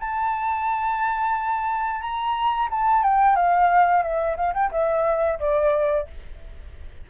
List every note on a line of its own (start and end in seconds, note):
0.00 2.01 A5
2.01 2.68 A#5
2.71 3.03 A5
3.03 3.36 G5
3.36 4.03 F5
4.03 4.36 E5
4.36 4.54 F5
4.54 4.71 G5
4.72 5.39 E5
5.40 6.07 D5